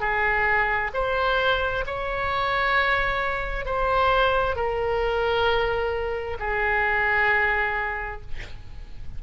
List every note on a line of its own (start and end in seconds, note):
0.00 0.91 G#4
0.93 1.84 C5
1.86 3.65 C#5
3.65 4.55 C5
4.55 6.37 A#4
6.39 8.21 G#4